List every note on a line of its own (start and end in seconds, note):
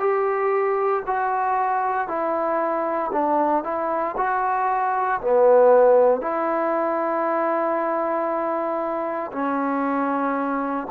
0.00 1.03 G4
1.07 2.08 F#4
2.08 3.11 E4
3.12 3.64 D4
3.64 4.16 E4
4.18 5.21 F#4
5.21 6.21 B3
6.21 9.32 E4
9.32 10.88 C#4